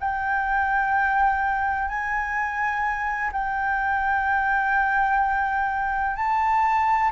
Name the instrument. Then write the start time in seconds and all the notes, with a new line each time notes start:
flute
0.00 G5
1.88 G#5
3.32 G5
6.16 A5